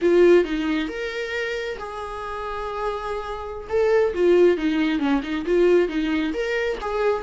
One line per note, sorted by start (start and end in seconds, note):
0.01 0.44 F4
0.44 0.88 D#4
0.88 1.77 A#4
1.78 3.67 G#4
3.69 4.13 A4
4.14 4.57 F4
4.57 4.99 D#4
4.99 5.21 C#4
5.22 5.45 D#4
5.45 5.88 F4
5.88 6.33 D#4
6.33 6.78 A#4
6.81 7.22 G#4